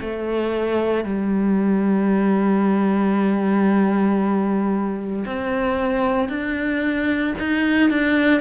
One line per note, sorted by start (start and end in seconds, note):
0.00 1.04 A3
1.04 5.25 G3
5.25 6.28 C4
6.28 7.33 D4
7.39 7.89 D#4
7.89 8.41 D4